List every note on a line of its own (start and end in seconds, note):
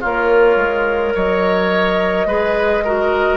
0.00 0.56 A#3
0.00 1.13 F4
0.00 2.27 A#4
0.00 1.14 C#5
0.56 1.13 G#3
1.14 2.26 F#3
1.14 2.27 C#5
1.14 3.37 D#5
2.26 3.37 G#3
2.26 2.84 G#4
2.26 2.84 B4
2.84 3.37 F#4
2.84 3.37 A#4